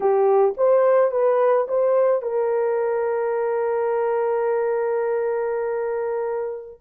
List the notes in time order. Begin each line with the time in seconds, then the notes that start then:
0.00 G4
0.57 C5
1.11 B4
1.67 C5
2.21 A#4